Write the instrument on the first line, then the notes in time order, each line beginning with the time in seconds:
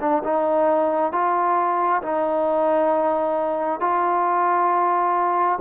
trombone
0.00 D4
0.23 D#4
1.12 F4
2.02 D#4
3.80 F4